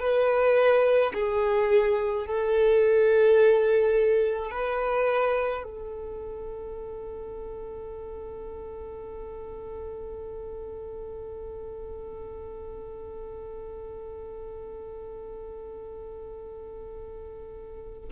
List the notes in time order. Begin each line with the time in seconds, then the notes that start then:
0.00 B4
1.14 G#4
2.26 A4
4.51 B4
5.63 A4